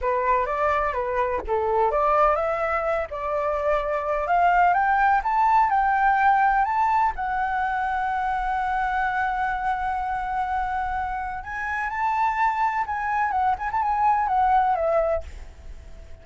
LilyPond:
\new Staff \with { instrumentName = "flute" } { \time 4/4 \tempo 4 = 126 b'4 d''4 b'4 a'4 | d''4 e''4. d''4.~ | d''4 f''4 g''4 a''4 | g''2 a''4 fis''4~ |
fis''1~ | fis''1 | gis''4 a''2 gis''4 | fis''8 gis''16 a''16 gis''4 fis''4 e''4 | }